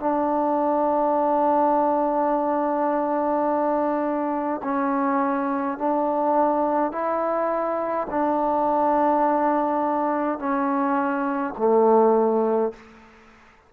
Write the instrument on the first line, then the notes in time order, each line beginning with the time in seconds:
trombone
0.00 D4
4.64 C#4
5.78 D4
6.92 E4
8.10 D4
10.39 C#4
11.58 A3